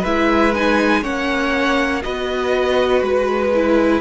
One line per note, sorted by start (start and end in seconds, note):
0.00 1.04 G#3
0.00 0.55 E4
0.00 1.00 B4
0.00 0.54 E5
0.54 1.03 D#4
0.54 1.04 G#5
1.02 2.04 A#3
1.02 2.02 C#4
1.02 2.02 C#5
1.02 2.02 F#5
2.02 3.01 B3
2.02 3.52 F#4
2.02 4.01 B4
2.02 3.02 D#5
3.01 4.01 G#3
3.01 4.01 B4
3.55 4.01 E4